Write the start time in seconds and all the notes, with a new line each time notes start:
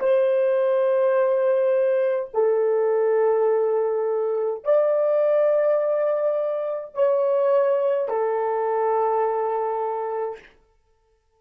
0.00 C5
2.34 A4
4.64 D5
6.95 C#5
8.09 A4